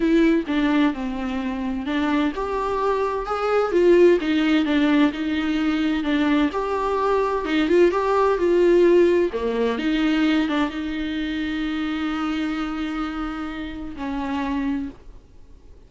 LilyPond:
\new Staff \with { instrumentName = "viola" } { \time 4/4 \tempo 4 = 129 e'4 d'4 c'2 | d'4 g'2 gis'4 | f'4 dis'4 d'4 dis'4~ | dis'4 d'4 g'2 |
dis'8 f'8 g'4 f'2 | ais4 dis'4. d'8 dis'4~ | dis'1~ | dis'2 cis'2 | }